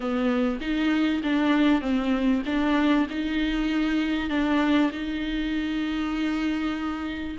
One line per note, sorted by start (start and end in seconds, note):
0.00 0.59 B3
0.60 1.22 D#4
1.23 1.81 D4
1.81 2.42 C4
2.45 3.06 D4
3.09 4.29 D#4
4.29 4.91 D4
4.91 7.36 D#4